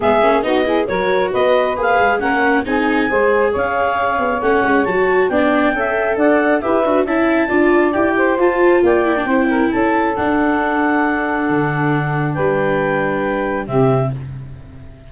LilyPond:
<<
  \new Staff \with { instrumentName = "clarinet" } { \time 4/4 \tempo 4 = 136 e''4 dis''4 cis''4 dis''4 | f''4 fis''4 gis''2 | f''2 fis''4 a''4 | g''2 fis''4 e''4 |
a''2 g''4 a''4 | g''2 a''4 fis''4~ | fis''1 | g''2. e''4 | }
  \new Staff \with { instrumentName = "saxophone" } { \time 4/4 gis'4 fis'8 gis'8 ais'4 b'4~ | b'4 ais'4 gis'4 c''4 | cis''1 | d''4 e''4 d''4 b'4 |
e''4 d''4. c''4. | d''4 c''8 ais'8 a'2~ | a'1 | b'2. g'4 | }
  \new Staff \with { instrumentName = "viola" } { \time 4/4 b8 cis'8 dis'8 e'8 fis'2 | gis'4 cis'4 dis'4 gis'4~ | gis'2 cis'4 fis'4 | d'4 a'2 g'8 fis'8 |
e'4 f'4 g'4 f'4~ | f'8 e'16 d'16 e'2 d'4~ | d'1~ | d'2. c'4 | }
  \new Staff \with { instrumentName = "tuba" } { \time 4/4 gis8 ais8 b4 fis4 b4 | ais8 gis8 ais4 c'4 gis4 | cis'4. b8 a8 gis8 fis4 | b4 cis'4 d'4 e'8 d'8 |
cis'4 d'4 e'4 f'4 | ais4 c'4 cis'4 d'4~ | d'2 d2 | g2. c4 | }
>>